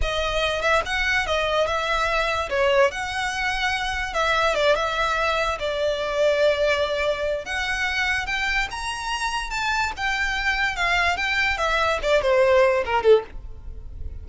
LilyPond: \new Staff \with { instrumentName = "violin" } { \time 4/4 \tempo 4 = 145 dis''4. e''8 fis''4 dis''4 | e''2 cis''4 fis''4~ | fis''2 e''4 d''8 e''8~ | e''4. d''2~ d''8~ |
d''2 fis''2 | g''4 ais''2 a''4 | g''2 f''4 g''4 | e''4 d''8 c''4. ais'8 a'8 | }